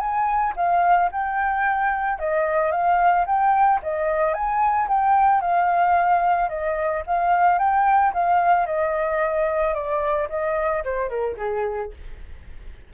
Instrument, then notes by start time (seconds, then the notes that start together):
flute
0.00 G#5
0.57 F5
1.12 G5
2.19 D#5
2.72 F5
3.27 G5
3.83 D#5
4.34 G#5
4.89 G5
5.42 F5
6.50 D#5
7.07 F5
7.59 G5
8.14 F5
8.67 D#5
9.75 D5
10.30 D#5
10.85 C5
11.09 A#4
11.38 G#4